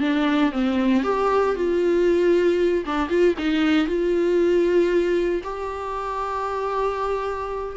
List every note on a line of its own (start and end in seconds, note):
0.00 0.52 D4
0.52 1.03 C4
1.03 1.55 G4
1.55 2.84 F4
2.85 3.09 D4
3.09 3.35 F4
3.38 3.87 D#4
3.87 5.42 F4
5.43 7.76 G4